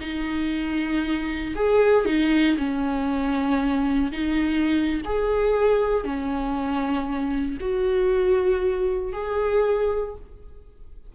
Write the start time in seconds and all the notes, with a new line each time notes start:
0.00 D#4
1.55 G#4
2.05 D#4
2.57 C#4
4.11 D#4
5.05 G#4
6.04 C#4
7.60 F#4
9.12 G#4